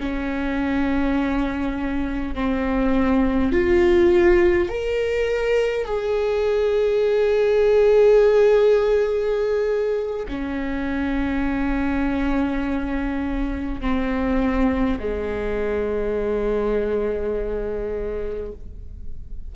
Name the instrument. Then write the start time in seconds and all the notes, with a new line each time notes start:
viola
0.00 C#4
2.35 C4
3.52 F4
4.70 A#4
5.85 G#4
10.29 C#4
13.81 C4
14.99 G#3